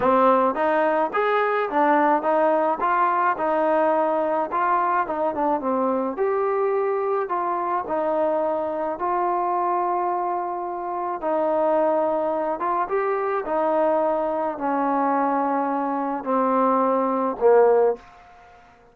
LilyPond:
\new Staff \with { instrumentName = "trombone" } { \time 4/4 \tempo 4 = 107 c'4 dis'4 gis'4 d'4 | dis'4 f'4 dis'2 | f'4 dis'8 d'8 c'4 g'4~ | g'4 f'4 dis'2 |
f'1 | dis'2~ dis'8 f'8 g'4 | dis'2 cis'2~ | cis'4 c'2 ais4 | }